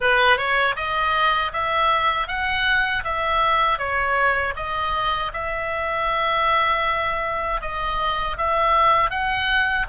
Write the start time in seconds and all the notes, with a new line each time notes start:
0.00 B4
0.37 C#5
0.76 D#5
1.52 E5
2.28 F#5
3.03 E5
3.78 C#5
4.56 D#5
5.33 E5
7.61 D#5
8.37 E5
9.10 F#5